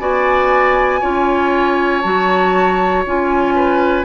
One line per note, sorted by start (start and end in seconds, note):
0.00 1.02 B3
0.00 1.02 F#4
0.00 1.01 D5
0.00 2.02 G#5
1.01 2.05 C#4
1.01 2.04 F4
1.01 3.55 C#5
2.02 3.06 F#3
2.02 3.06 F#4
2.02 3.04 A5
3.06 4.05 C#4
3.06 4.05 F4
3.06 4.05 G#5
3.56 4.05 B4